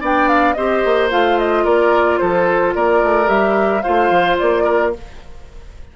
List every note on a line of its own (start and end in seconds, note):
0.00 0.55 B3
0.00 0.55 D4
0.00 0.55 D5
0.00 0.28 G5
0.28 0.53 F5
0.53 0.84 C4
0.53 1.10 G4
0.53 1.64 C5
0.53 1.07 D#5
0.84 1.11 A#3
1.10 1.65 A3
1.10 3.25 F4
1.10 1.38 F5
1.38 1.64 D#5
1.64 2.19 A#3
1.64 2.19 A#4
1.64 2.17 D5
2.17 2.75 F3
2.17 2.75 A4
2.17 2.72 C5
2.75 3.02 A#3
2.75 3.83 A#4
2.75 3.29 D5
3.03 3.29 A3
3.25 3.83 G3
3.25 3.80 G4
3.25 3.82 E5
3.82 4.10 A3
3.82 4.93 F4
3.82 4.64 C5
3.82 4.36 F5
4.10 4.37 F3
4.38 4.96 A#3
4.38 4.93 D5
4.64 4.91 A#4